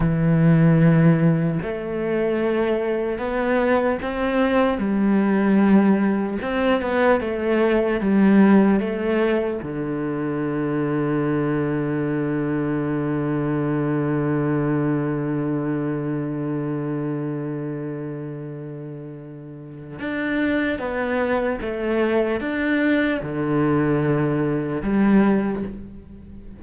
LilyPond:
\new Staff \with { instrumentName = "cello" } { \time 4/4 \tempo 4 = 75 e2 a2 | b4 c'4 g2 | c'8 b8 a4 g4 a4 | d1~ |
d1~ | d1~ | d4 d'4 b4 a4 | d'4 d2 g4 | }